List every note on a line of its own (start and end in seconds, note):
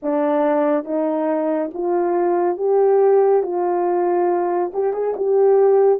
0.02 0.84 D4
0.84 1.70 D#4
1.73 2.57 F4
2.57 3.42 G4
3.42 4.71 F4
4.73 4.93 G4
4.93 5.14 G#4
5.16 5.99 G4